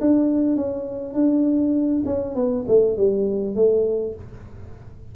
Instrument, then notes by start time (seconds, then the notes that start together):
tuba
0.00 D4
0.56 C#4
1.13 D4
2.05 C#4
2.35 B3
2.68 A3
2.96 G3
3.55 A3